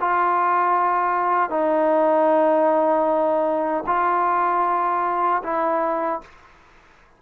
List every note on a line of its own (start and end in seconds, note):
0.00 1.50 F4
1.50 3.84 D#4
3.86 5.42 F4
5.43 6.21 E4